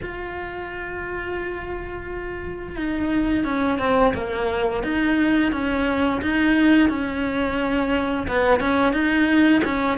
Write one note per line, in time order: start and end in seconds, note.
0.02 2.76 F4
2.76 3.44 D#4
3.44 3.78 C#4
3.79 4.13 C4
4.14 4.83 A#3
4.83 5.52 D#4
5.52 6.21 C#4
6.21 6.89 D#4
6.89 8.27 C#4
8.27 8.60 B3
8.60 8.92 C#4
8.92 9.61 D#4
9.64 9.97 C#4